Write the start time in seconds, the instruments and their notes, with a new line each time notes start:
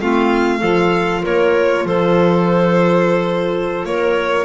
0.00 double bass A3, clarinet C4 F4, violin F5
0.59 double bass F3, clarinet F4 A4
1.22 double bass A#3, clarinet A#4, violin C#5
1.85 double bass F3, clarinet A4, violin C5
3.85 double bass A#3, clarinet A#4, violin C#5